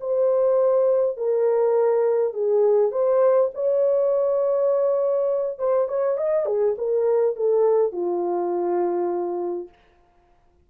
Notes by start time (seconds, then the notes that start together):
0.00 C5
1.17 A#4
2.33 G#4
2.91 C5
3.54 C#5
5.59 C5
5.88 C#5
6.17 D#5
6.46 G#4
6.78 A#4
7.36 A4
7.92 F4